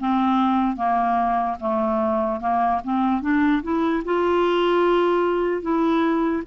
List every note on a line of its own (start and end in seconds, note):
0.00 0.76 C4
0.76 1.57 A#3
1.60 2.41 A3
2.41 2.81 A#3
2.84 3.22 C4
3.22 3.62 D4
3.63 4.03 E4
4.05 5.62 F4
5.62 6.43 E4